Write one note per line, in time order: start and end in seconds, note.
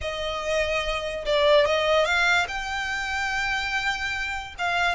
0.01 1.25 D#5
1.25 1.66 D5
1.66 2.05 D#5
2.05 2.46 F5
2.48 4.54 G5
4.58 4.95 F5